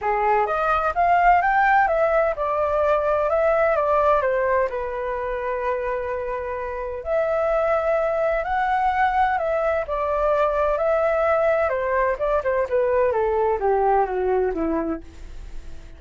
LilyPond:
\new Staff \with { instrumentName = "flute" } { \time 4/4 \tempo 4 = 128 gis'4 dis''4 f''4 g''4 | e''4 d''2 e''4 | d''4 c''4 b'2~ | b'2. e''4~ |
e''2 fis''2 | e''4 d''2 e''4~ | e''4 c''4 d''8 c''8 b'4 | a'4 g'4 fis'4 e'4 | }